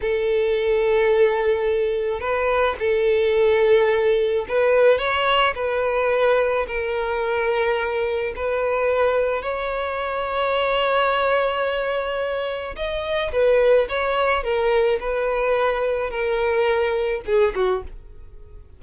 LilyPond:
\new Staff \with { instrumentName = "violin" } { \time 4/4 \tempo 4 = 108 a'1 | b'4 a'2. | b'4 cis''4 b'2 | ais'2. b'4~ |
b'4 cis''2.~ | cis''2. dis''4 | b'4 cis''4 ais'4 b'4~ | b'4 ais'2 gis'8 fis'8 | }